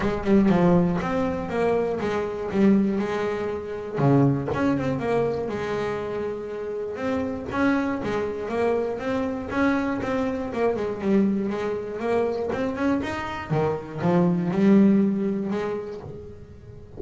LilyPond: \new Staff \with { instrumentName = "double bass" } { \time 4/4 \tempo 4 = 120 gis8 g8 f4 c'4 ais4 | gis4 g4 gis2 | cis4 cis'8 c'8 ais4 gis4~ | gis2 c'4 cis'4 |
gis4 ais4 c'4 cis'4 | c'4 ais8 gis8 g4 gis4 | ais4 c'8 cis'8 dis'4 dis4 | f4 g2 gis4 | }